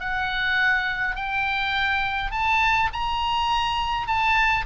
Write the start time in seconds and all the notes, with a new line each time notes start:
0.00 F#5
1.16 G5
2.31 A5
2.93 A#5
4.07 A5